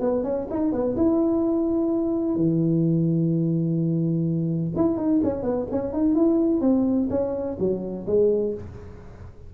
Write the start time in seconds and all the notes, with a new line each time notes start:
0.00 B3
0.24 C#4
0.50 D#4
0.72 B3
0.96 E4
2.35 E3
4.76 E4
4.97 D#4
5.24 C#4
5.43 B3
5.71 C#4
5.93 D#4
6.15 E4
6.61 C4
7.10 C#4
7.59 F#3
8.07 G#3